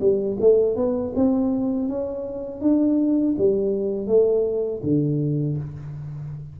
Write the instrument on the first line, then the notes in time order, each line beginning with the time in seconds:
tuba
0.00 G3
0.40 A3
0.76 B3
1.15 C4
1.89 C#4
2.61 D4
3.38 G3
4.07 A3
4.83 D3